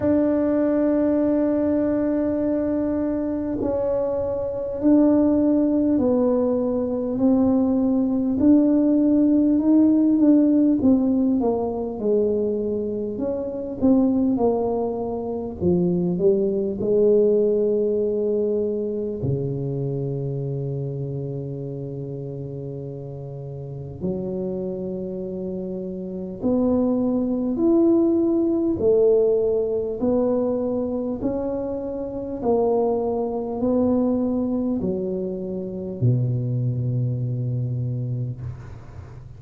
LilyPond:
\new Staff \with { instrumentName = "tuba" } { \time 4/4 \tempo 4 = 50 d'2. cis'4 | d'4 b4 c'4 d'4 | dis'8 d'8 c'8 ais8 gis4 cis'8 c'8 | ais4 f8 g8 gis2 |
cis1 | fis2 b4 e'4 | a4 b4 cis'4 ais4 | b4 fis4 b,2 | }